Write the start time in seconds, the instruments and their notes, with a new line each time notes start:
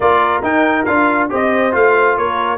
0.00 tuba A#3, trombone F4, horn A#4, trumpet D5
0.42 tuba D#4, trombone D#4, trumpet G5
0.85 tuba D4, trombone F4, trumpet F5
1.29 tuba C4, trombone G4, horn C5, trumpet D#5
1.71 tuba A3, trombone F4, trumpet F5
2.17 tuba A#3, horn A#4, trumpet C#5